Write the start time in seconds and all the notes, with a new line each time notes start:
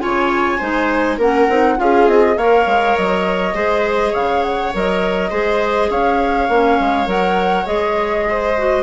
0.00 C#3 F4 C#5 G#5
0.58 G#3 D#4 C5
1.18 A#3 C#4 A#4 F#5
1.49 C4 D#4
1.77 C#4 F4 G#4 F5
2.07 C4 D#5
2.37 A#3 A#4 C#5 F5
2.66 G#3
2.97 F#3 D#5
3.54 G#3 G#4 C5
4.11 C#3 C#5 F5
4.43 F#5
4.73 F#3 A#4 D#5
5.30 G#3 G#4 C5
5.90 C#4 C#5 F5
6.49 A#3 C#4
6.80 G#3
7.07 F#3 A#4 F#5
7.66 G#3 G#4 D#5
8.30 C5
8.57 F#4